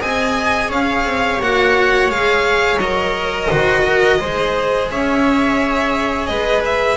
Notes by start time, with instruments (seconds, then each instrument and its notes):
0.00 double bass C4, cello G#4, viola D#5, violin G#5
0.68 double bass C#4, viola C#5, violin F5
1.04 double bass C4
1.40 double bass A#3, cello F#4, violin F#5
2.09 double bass G#3, cello G#4, violin F5
2.77 double bass F#3, cello A#4, violin D#5
3.47 double bass D#3, cello F#4, viola C5
3.84 viola A#4
4.18 double bass G#3, cello G#4, viola C5
4.90 double bass C#4, viola C#5, violin E5
6.26 double bass G#3, viola B4, violin D#5
6.64 violin E5